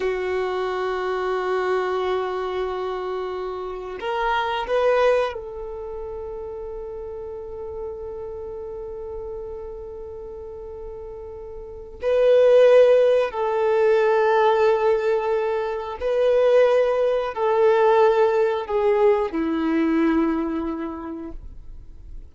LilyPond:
\new Staff \with { instrumentName = "violin" } { \time 4/4 \tempo 4 = 90 fis'1~ | fis'2 ais'4 b'4 | a'1~ | a'1~ |
a'2 b'2 | a'1 | b'2 a'2 | gis'4 e'2. | }